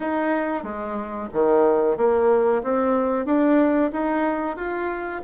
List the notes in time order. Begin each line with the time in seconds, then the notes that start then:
0.00 D#4
0.63 G#3
1.33 D#3
1.97 A#3
2.63 C4
3.25 D4
3.92 D#4
4.56 F4